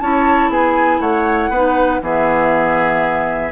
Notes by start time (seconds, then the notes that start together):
0.00 C#4 E4 C#5 A5
0.49 B3 G#4 G#5
1.00 A3 C#5 F#5
1.50 B3 D#4 B4
2.01 E3 B3 G#4 E5